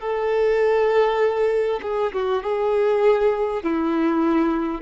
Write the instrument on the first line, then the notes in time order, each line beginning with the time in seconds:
violin
0.00 A4
1.82 G#4
2.13 F#4
2.43 G#4
3.63 E4